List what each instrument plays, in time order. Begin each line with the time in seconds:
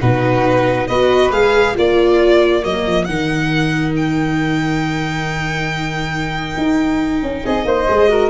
0.00 tuba B2, viola D#4, flute F#4, violin B4
0.88 tuba B3, viola F#4, flute B4, violin D#5
1.31 tuba G#3, viola G#4, violin F5
1.74 tuba A#3, viola F4, flute A#4, violin D5
2.63 tuba F#3, viola A#3, violin D#5
2.87 tuba F3
3.05 tuba D#3, viola D#4, violin F#5
3.97 violin G5
6.57 tuba D#4
7.23 tuba C#4
7.44 tuba C4, flute G#4, violin D#5
7.65 tuba A#3, flute C5
7.88 tuba G#3, viola G#4
8.09 viola F#4, flute A#4